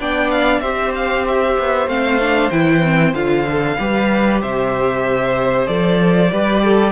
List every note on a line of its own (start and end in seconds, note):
0.00 0.62 B3
0.00 0.63 D4
0.00 0.61 D5
0.00 0.31 G5
0.31 0.61 F5
0.61 1.56 C4
0.61 1.88 G4
0.61 3.77 C5
0.61 0.92 E5
0.95 1.27 F5
1.28 1.89 E5
1.59 1.87 B3
1.87 2.51 A3
1.87 2.20 C4
1.87 2.51 F5
2.21 2.52 D4
2.51 3.14 E3
2.51 2.83 E4
2.51 3.14 G5
2.83 3.14 C4
3.14 3.78 D3
3.14 3.47 F4
3.14 4.41 F5
3.49 3.79 A4
3.79 4.42 G3
3.79 5.66 G4
3.79 4.42 B4
4.42 5.68 C3
4.42 6.31 C5
4.42 5.67 E5
5.66 6.31 F3
5.66 6.30 A4
5.66 6.93 D5
6.31 6.93 G3
6.31 6.93 G4
6.31 6.63 B4
6.64 6.93 A4